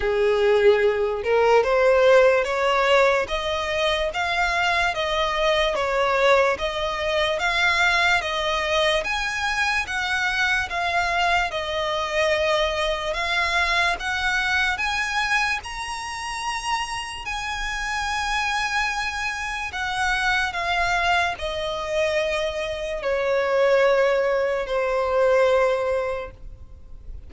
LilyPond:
\new Staff \with { instrumentName = "violin" } { \time 4/4 \tempo 4 = 73 gis'4. ais'8 c''4 cis''4 | dis''4 f''4 dis''4 cis''4 | dis''4 f''4 dis''4 gis''4 | fis''4 f''4 dis''2 |
f''4 fis''4 gis''4 ais''4~ | ais''4 gis''2. | fis''4 f''4 dis''2 | cis''2 c''2 | }